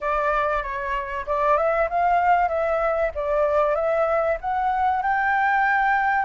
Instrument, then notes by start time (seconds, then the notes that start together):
flute
0.00 D5
0.62 C#5
1.26 D5
1.57 E5
1.89 F5
2.48 E5
3.14 D5
3.75 E5
4.40 F#5
5.02 G5